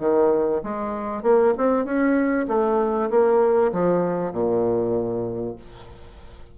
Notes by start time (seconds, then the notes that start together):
0.00 D#3
0.63 G#3
1.23 A#3
1.57 C4
1.85 C#4
2.48 A3
3.10 A#3
3.72 F3
4.32 A#2